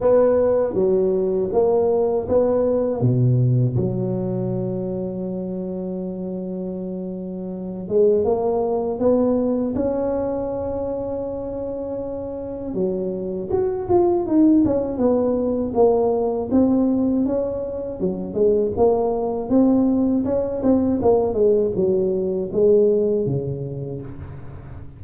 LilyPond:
\new Staff \with { instrumentName = "tuba" } { \time 4/4 \tempo 4 = 80 b4 fis4 ais4 b4 | b,4 fis2.~ | fis2~ fis8 gis8 ais4 | b4 cis'2.~ |
cis'4 fis4 fis'8 f'8 dis'8 cis'8 | b4 ais4 c'4 cis'4 | fis8 gis8 ais4 c'4 cis'8 c'8 | ais8 gis8 fis4 gis4 cis4 | }